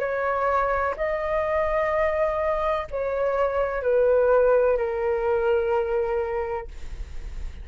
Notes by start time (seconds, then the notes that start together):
0.00 C#5
0.97 D#5
2.91 C#5
3.83 B4
4.78 A#4